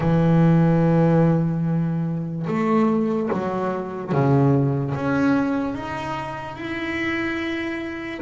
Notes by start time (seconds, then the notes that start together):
0.00 E3
2.47 A3
3.32 F#3
4.11 C#3
4.95 C#4
5.74 D#4
6.56 E4